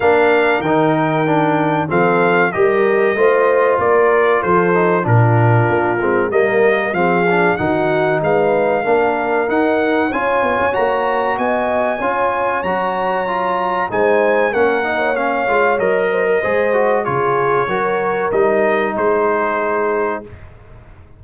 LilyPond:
<<
  \new Staff \with { instrumentName = "trumpet" } { \time 4/4 \tempo 4 = 95 f''4 g''2 f''4 | dis''2 d''4 c''4 | ais'2 dis''4 f''4 | fis''4 f''2 fis''4 |
gis''4 ais''4 gis''2 | ais''2 gis''4 fis''4 | f''4 dis''2 cis''4~ | cis''4 dis''4 c''2 | }
  \new Staff \with { instrumentName = "horn" } { \time 4/4 ais'2. a'4 | ais'4 c''4 ais'4 a'4 | f'2 ais'4 gis'4 | fis'4 b'4 ais'2 |
cis''2 dis''4 cis''4~ | cis''2 c''4 ais'8. cis''16~ | cis''4. c''16 ais'16 c''4 gis'4 | ais'2 gis'2 | }
  \new Staff \with { instrumentName = "trombone" } { \time 4/4 d'4 dis'4 d'4 c'4 | g'4 f'2~ f'8 dis'8 | d'4. c'8 ais4 c'8 d'8 | dis'2 d'4 dis'4 |
f'4 fis'2 f'4 | fis'4 f'4 dis'4 cis'8 dis'8 | cis'8 f'8 ais'4 gis'8 fis'8 f'4 | fis'4 dis'2. | }
  \new Staff \with { instrumentName = "tuba" } { \time 4/4 ais4 dis2 f4 | g4 a4 ais4 f4 | ais,4 ais8 gis8 g4 f4 | dis4 gis4 ais4 dis'4 |
cis'8 b16 cis'16 ais4 b4 cis'4 | fis2 gis4 ais4~ | ais8 gis8 fis4 gis4 cis4 | fis4 g4 gis2 | }
>>